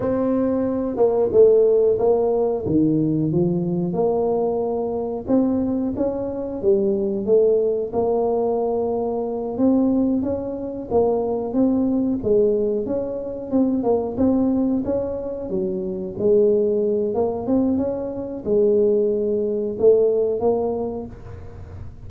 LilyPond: \new Staff \with { instrumentName = "tuba" } { \time 4/4 \tempo 4 = 91 c'4. ais8 a4 ais4 | dis4 f4 ais2 | c'4 cis'4 g4 a4 | ais2~ ais8 c'4 cis'8~ |
cis'8 ais4 c'4 gis4 cis'8~ | cis'8 c'8 ais8 c'4 cis'4 fis8~ | fis8 gis4. ais8 c'8 cis'4 | gis2 a4 ais4 | }